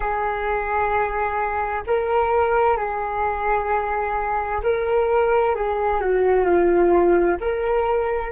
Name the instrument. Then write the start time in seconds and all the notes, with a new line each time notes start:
flute
0.00 G#4
1.86 A#4
2.77 G#4
4.63 A#4
5.55 G#4
6.00 F#4
6.44 F4
7.40 A#4